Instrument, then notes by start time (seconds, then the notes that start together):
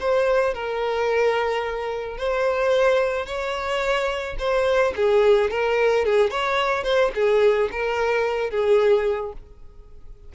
violin
0.00 C5
0.54 A#4
2.18 C5
3.26 C#5
4.39 C5
4.96 G#4
5.50 A#4
6.05 G#4
6.31 C#5
6.84 C5
7.15 G#4
7.72 A#4
8.50 G#4